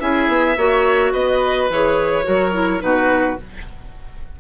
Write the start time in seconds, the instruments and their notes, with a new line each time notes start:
0.00 bassoon C#4, clarinet E4, oboe G#4, violin E5
0.28 bassoon B3
0.57 bassoon A#3, clarinet F#4, oboe C#5
1.13 bassoon B3, oboe B4, violin D#5
1.70 bassoon E3, clarinet G#4, violin C#5
2.24 bassoon F#3, clarinet F#4, oboe A#4
2.53 clarinet E4
2.80 bassoon B2, clarinet D#4, oboe F#4, violin B4